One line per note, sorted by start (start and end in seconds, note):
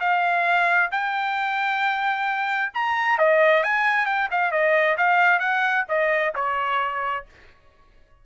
0.00 0.90 F5
0.91 2.72 G5
2.74 3.18 A#5
3.18 3.63 D#5
3.63 4.06 G#5
4.06 4.29 G5
4.31 4.52 F5
4.52 4.97 D#5
4.97 5.40 F5
5.40 5.85 F#5
5.89 6.34 D#5
6.35 7.25 C#5